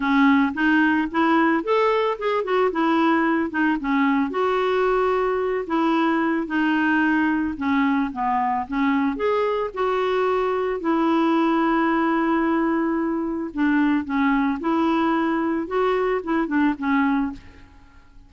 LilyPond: \new Staff \with { instrumentName = "clarinet" } { \time 4/4 \tempo 4 = 111 cis'4 dis'4 e'4 a'4 | gis'8 fis'8 e'4. dis'8 cis'4 | fis'2~ fis'8 e'4. | dis'2 cis'4 b4 |
cis'4 gis'4 fis'2 | e'1~ | e'4 d'4 cis'4 e'4~ | e'4 fis'4 e'8 d'8 cis'4 | }